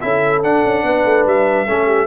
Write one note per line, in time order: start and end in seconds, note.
0.00 0.43 C#4
0.00 0.43 E4
0.00 0.85 A4
0.00 0.41 E5
0.43 0.64 D4
0.43 1.67 D4
0.43 1.26 F#5
0.64 0.83 C#4
0.83 1.04 B3
0.83 1.66 B4
1.05 1.26 A3
1.26 1.67 G3
1.26 2.07 E5
1.66 2.07 A3
1.66 2.07 C#4
1.66 1.86 A4
1.86 2.06 G4